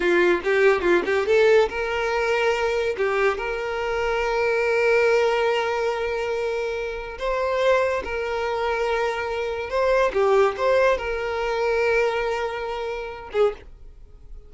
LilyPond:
\new Staff \with { instrumentName = "violin" } { \time 4/4 \tempo 4 = 142 f'4 g'4 f'8 g'8 a'4 | ais'2. g'4 | ais'1~ | ais'1~ |
ais'4 c''2 ais'4~ | ais'2. c''4 | g'4 c''4 ais'2~ | ais'2.~ ais'8 gis'8 | }